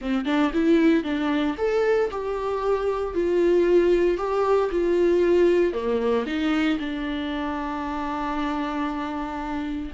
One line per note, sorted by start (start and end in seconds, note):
0.01 0.25 C4
0.25 0.51 D4
0.53 1.03 E4
1.03 1.55 D4
1.57 2.09 A4
2.10 3.14 G4
3.14 4.17 F4
4.17 4.70 G4
4.71 5.73 F4
5.73 6.25 A#3
6.26 6.78 D#4
6.79 9.92 D4